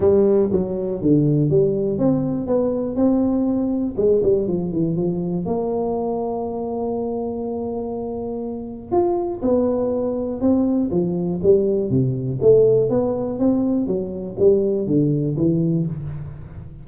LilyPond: \new Staff \with { instrumentName = "tuba" } { \time 4/4 \tempo 4 = 121 g4 fis4 d4 g4 | c'4 b4 c'2 | gis8 g8 f8 e8 f4 ais4~ | ais1~ |
ais2 f'4 b4~ | b4 c'4 f4 g4 | c4 a4 b4 c'4 | fis4 g4 d4 e4 | }